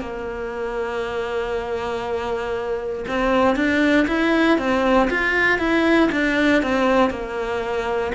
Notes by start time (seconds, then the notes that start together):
0.00 A#3
3.08 C4
3.55 D4
4.07 E4
4.58 C4
5.10 F4
5.58 E4
6.12 D4
6.62 C4
7.10 A#3